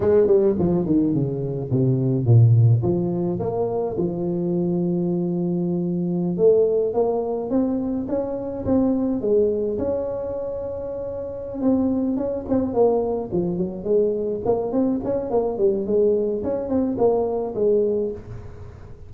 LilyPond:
\new Staff \with { instrumentName = "tuba" } { \time 4/4 \tempo 4 = 106 gis8 g8 f8 dis8 cis4 c4 | ais,4 f4 ais4 f4~ | f2.~ f16 a8.~ | a16 ais4 c'4 cis'4 c'8.~ |
c'16 gis4 cis'2~ cis'8.~ | cis'8 c'4 cis'8 c'8 ais4 f8 | fis8 gis4 ais8 c'8 cis'8 ais8 g8 | gis4 cis'8 c'8 ais4 gis4 | }